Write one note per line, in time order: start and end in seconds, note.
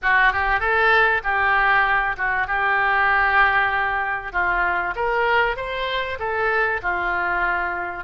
0.02 0.32 F#4
0.32 0.60 G4
0.60 1.21 A4
1.23 2.16 G4
2.16 2.47 F#4
2.47 4.32 G4
4.32 4.94 F4
4.95 5.56 A#4
5.56 6.18 C5
6.19 6.80 A4
6.82 8.04 F4